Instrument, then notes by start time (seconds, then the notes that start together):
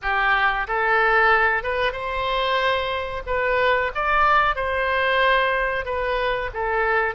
oboe
0.01 G4
0.67 A4
1.63 B4
1.92 C5
3.26 B4
3.95 D5
4.55 C5
5.85 B4
6.53 A4